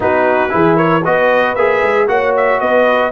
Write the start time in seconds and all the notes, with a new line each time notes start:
0.00 B3 D#4 F#4 B4
0.49 E3 E4 G#4
0.76 A#4 C#5
1.04 B3 F#4 B4 D#5
1.55 A#3 G#4 E5
1.82 G#3
2.07 A#3 F#4 C#5 F#5
2.36 E5
2.60 B3 B4 D#5